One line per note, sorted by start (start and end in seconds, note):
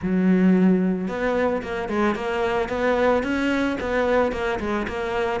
0.02 1.08 F#3
1.08 1.62 B3
1.62 1.88 A#3
1.88 2.15 G#3
2.15 2.69 A#3
2.69 3.23 B3
3.23 3.77 C#4
3.80 4.32 B3
4.32 4.59 A#3
4.59 4.86 G#3
4.87 5.40 A#3